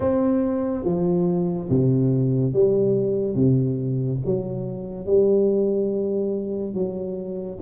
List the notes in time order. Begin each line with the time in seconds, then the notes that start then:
0.00 C4
0.84 F3
1.69 C3
2.53 G3
3.35 C3
4.25 F#3
5.06 G3
6.74 F#3